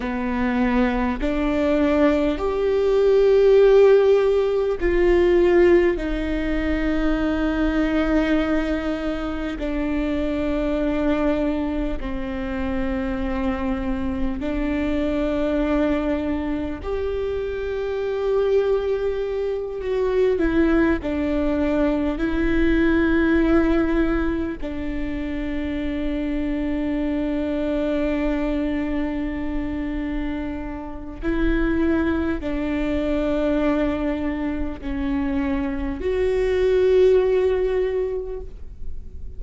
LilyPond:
\new Staff \with { instrumentName = "viola" } { \time 4/4 \tempo 4 = 50 b4 d'4 g'2 | f'4 dis'2. | d'2 c'2 | d'2 g'2~ |
g'8 fis'8 e'8 d'4 e'4.~ | e'8 d'2.~ d'8~ | d'2 e'4 d'4~ | d'4 cis'4 fis'2 | }